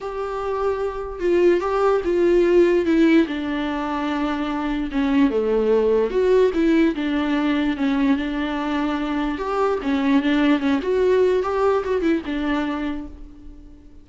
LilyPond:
\new Staff \with { instrumentName = "viola" } { \time 4/4 \tempo 4 = 147 g'2. f'4 | g'4 f'2 e'4 | d'1 | cis'4 a2 fis'4 |
e'4 d'2 cis'4 | d'2. g'4 | cis'4 d'4 cis'8 fis'4. | g'4 fis'8 e'8 d'2 | }